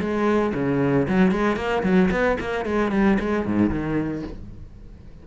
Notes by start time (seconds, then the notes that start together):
0.00 G#3
0.54 C#3
1.08 F#3
1.32 G#3
1.56 A#3
1.83 F#3
2.11 B3
2.40 A#3
2.65 G#3
2.92 G3
3.19 G#3
3.46 G#2
3.70 D#3